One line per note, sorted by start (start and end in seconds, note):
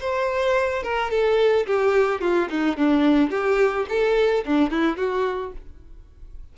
0.00 0.83 C5
0.83 1.10 A#4
1.10 1.66 A4
1.66 2.20 G4
2.20 2.48 F4
2.49 2.77 D#4
2.77 3.30 D4
3.30 3.86 G4
3.89 4.44 A4
4.45 4.70 D4
4.70 4.96 E4
4.96 5.52 F#4